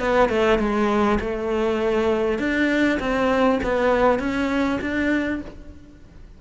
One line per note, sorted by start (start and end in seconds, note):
0.00 0.29 B3
0.29 0.59 A3
0.59 1.19 G#3
1.20 2.39 A3
2.39 2.99 D4
3.00 3.60 C4
3.64 4.19 B3
4.19 4.79 C#4
4.82 5.42 D4